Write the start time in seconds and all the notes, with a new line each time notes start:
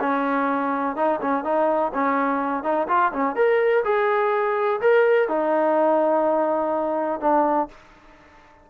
0.00 C#4
0.96 D#4
1.21 C#4
1.44 D#4
1.94 C#4
2.63 D#4
2.88 F4
3.12 C#4
3.36 A#4
3.84 G#4
4.81 A#4
5.28 D#4
7.20 D4